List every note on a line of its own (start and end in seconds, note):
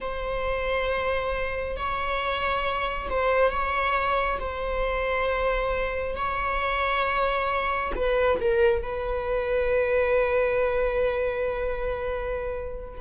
0.00 1.76 C5
1.76 3.08 C#5
3.09 3.50 C5
3.50 4.38 C#5
4.39 6.15 C5
6.15 7.92 C#5
7.95 8.39 B4
8.40 8.82 A#4
8.82 13.00 B4